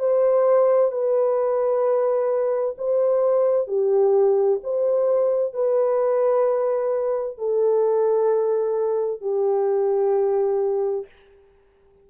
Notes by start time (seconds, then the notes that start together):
0.00 C5
0.92 B4
2.78 C5
3.68 G4
4.64 C5
5.54 B4
7.38 A4
9.21 G4